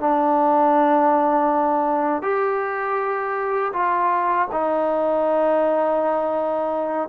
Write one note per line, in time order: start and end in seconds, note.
0.00 2.23 D4
2.23 3.73 G4
3.73 4.48 F4
4.52 7.09 D#4